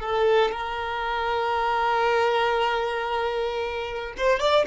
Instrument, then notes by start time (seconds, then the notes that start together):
violin
0.00 A4
0.52 A#4
4.18 C5
4.40 D5